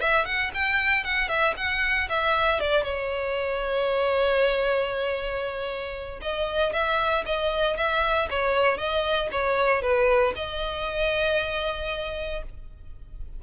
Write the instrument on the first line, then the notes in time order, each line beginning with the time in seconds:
violin
0.00 E5
0.25 F#5
0.54 G5
1.04 F#5
1.28 E5
1.56 F#5
2.09 E5
2.60 D5
2.83 C#5
6.21 D#5
6.73 E5
7.25 D#5
7.77 E5
8.30 C#5
8.77 D#5
9.32 C#5
9.82 B4
10.36 D#5